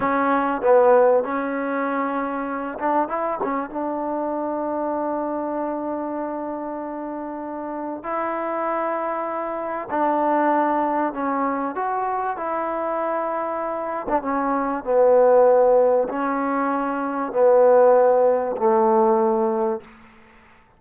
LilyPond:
\new Staff \with { instrumentName = "trombone" } { \time 4/4 \tempo 4 = 97 cis'4 b4 cis'2~ | cis'8 d'8 e'8 cis'8 d'2~ | d'1~ | d'4 e'2. |
d'2 cis'4 fis'4 | e'2~ e'8. d'16 cis'4 | b2 cis'2 | b2 a2 | }